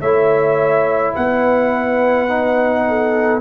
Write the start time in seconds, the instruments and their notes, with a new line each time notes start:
0.00 tuba A3, trombone E4, horn C#5, trumpet E5
1.13 tuba B3, horn B4, trumpet F#5
2.28 trombone D#4
2.88 horn A4